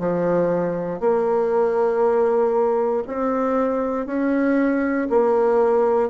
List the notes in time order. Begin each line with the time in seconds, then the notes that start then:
0.00 F3
1.00 A#3
3.07 C4
4.06 C#4
5.10 A#3